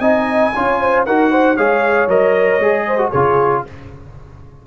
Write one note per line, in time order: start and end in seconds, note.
0.00 0.52 C4
0.00 0.53 D#4
0.00 0.53 D#5
0.00 1.03 G#5
0.56 1.07 C#4
0.56 1.07 F4
0.56 0.81 C#5
0.81 1.07 C5
1.06 1.58 D#4
1.06 1.58 F#4
1.06 1.31 A#4
1.06 1.57 F#5
1.31 1.57 C5
1.57 2.08 G#3
1.57 2.09 G#4
1.57 2.86 C#5
1.57 2.09 F5
2.08 2.59 F#3
2.08 2.61 A#4
2.08 3.11 D#5
2.59 3.10 G#3
2.59 2.98 G#4
2.87 3.10 C5
2.98 3.11 F#4
3.10 3.66 C#3
3.10 3.67 F4
3.10 3.62 G#4
3.10 3.63 C#5